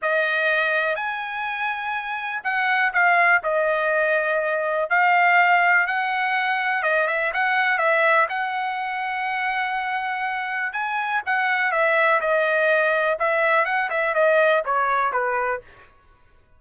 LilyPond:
\new Staff \with { instrumentName = "trumpet" } { \time 4/4 \tempo 4 = 123 dis''2 gis''2~ | gis''4 fis''4 f''4 dis''4~ | dis''2 f''2 | fis''2 dis''8 e''8 fis''4 |
e''4 fis''2.~ | fis''2 gis''4 fis''4 | e''4 dis''2 e''4 | fis''8 e''8 dis''4 cis''4 b'4 | }